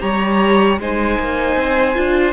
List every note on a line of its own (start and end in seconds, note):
0.00 0.80 G3
0.00 0.78 G4
0.00 0.80 C#5
0.00 0.79 A#5
0.80 1.19 G#3
0.80 1.95 D#4
0.80 2.33 C5
0.80 2.33 G#5
1.19 1.56 A#3
1.56 1.95 C4
1.95 2.33 D4
1.95 2.33 F4